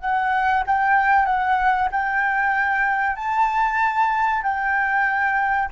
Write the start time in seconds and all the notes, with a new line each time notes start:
0.00 F#5
0.66 G5
1.25 F#5
1.91 G5
3.16 A5
4.43 G5